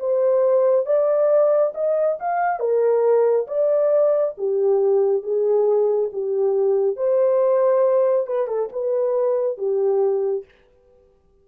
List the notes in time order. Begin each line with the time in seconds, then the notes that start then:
0.00 C5
0.87 D5
1.75 D#5
2.20 F5
2.60 A#4
3.48 D5
4.38 G4
5.23 G#4
6.13 G4
6.97 C5
8.27 B4
8.48 A4
8.73 B4
9.58 G4